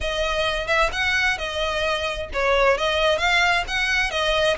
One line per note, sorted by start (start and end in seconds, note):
0.00 0.67 D#5
0.67 0.90 E5
0.92 1.38 F#5
1.38 2.29 D#5
2.33 2.77 C#5
2.77 3.18 D#5
3.18 3.63 F5
3.67 4.11 F#5
4.11 4.56 D#5